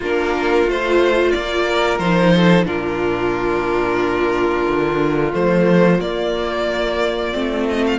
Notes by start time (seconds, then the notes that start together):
0.00 A#3 D4 F4 A#4
0.66 A3 F4 C5
1.31 A#3 D5
1.68 A#4
1.98 F3 D#4 C5
2.35 A4
2.65 A#2 D4 F4 A#4
4.67 D3
5.31 F3 A3 C5
6.00 A#3 D5
7.33 A3 C4
7.68 D#5
7.86 F5